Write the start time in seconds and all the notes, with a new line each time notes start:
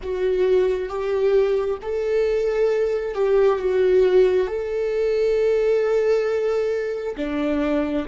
0.02 F#4
0.88 G4
1.82 A4
3.14 G4
3.58 F#4
4.47 A4
7.16 D4